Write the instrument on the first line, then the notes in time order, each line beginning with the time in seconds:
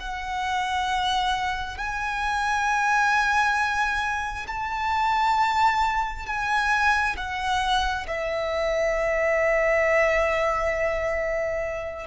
violin
0.00 F#5
1.78 G#5
4.48 A5
6.27 G#5
7.17 F#5
8.08 E5